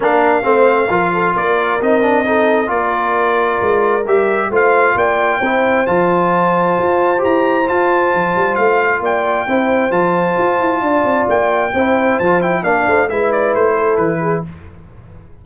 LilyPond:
<<
  \new Staff \with { instrumentName = "trumpet" } { \time 4/4 \tempo 4 = 133 f''2. d''4 | dis''2 d''2~ | d''4 e''4 f''4 g''4~ | g''4 a''2. |
ais''4 a''2 f''4 | g''2 a''2~ | a''4 g''2 a''8 g''8 | f''4 e''8 d''8 c''4 b'4 | }
  \new Staff \with { instrumentName = "horn" } { \time 4/4 ais'4 c''4 ais'8 a'8 ais'4~ | ais'4 a'4 ais'2~ | ais'2 c''4 d''4 | c''1~ |
c''1 | d''4 c''2. | d''2 c''2 | d''8 c''8 b'4. a'4 gis'8 | }
  \new Staff \with { instrumentName = "trombone" } { \time 4/4 d'4 c'4 f'2 | dis'8 d'8 dis'4 f'2~ | f'4 g'4 f'2 | e'4 f'2. |
g'4 f'2.~ | f'4 e'4 f'2~ | f'2 e'4 f'8 e'8 | d'4 e'2. | }
  \new Staff \with { instrumentName = "tuba" } { \time 4/4 ais4 a4 f4 ais4 | c'2 ais2 | gis4 g4 a4 ais4 | c'4 f2 f'4 |
e'4 f'4 f8 g8 a4 | ais4 c'4 f4 f'8 e'8 | d'8 c'8 ais4 c'4 f4 | ais8 a8 gis4 a4 e4 | }
>>